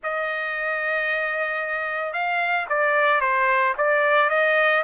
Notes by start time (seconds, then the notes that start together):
0.03 D#5
2.13 F5
2.69 D5
3.20 C5
3.77 D5
4.29 D#5